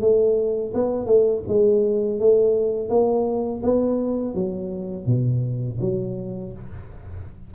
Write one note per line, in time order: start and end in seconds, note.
0.00 0.72 A3
0.74 1.05 B3
1.05 1.42 A3
1.48 2.19 G#3
2.19 2.88 A3
2.88 3.61 A#3
3.62 4.34 B3
4.34 5.06 F#3
5.06 5.78 B2
5.80 6.53 F#3